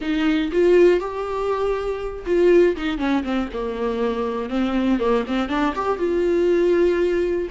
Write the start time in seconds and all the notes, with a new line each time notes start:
0.01 D#4
0.52 F4
1.00 G4
2.25 F4
2.76 D#4
2.97 C#4
3.23 C4
3.52 A#3
4.49 C4
4.99 A#3
5.27 C4
5.48 D4
5.75 G4
5.98 F4